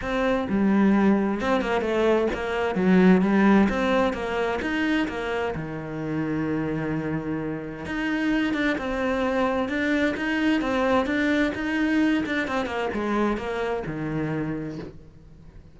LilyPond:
\new Staff \with { instrumentName = "cello" } { \time 4/4 \tempo 4 = 130 c'4 g2 c'8 ais8 | a4 ais4 fis4 g4 | c'4 ais4 dis'4 ais4 | dis1~ |
dis4 dis'4. d'8 c'4~ | c'4 d'4 dis'4 c'4 | d'4 dis'4. d'8 c'8 ais8 | gis4 ais4 dis2 | }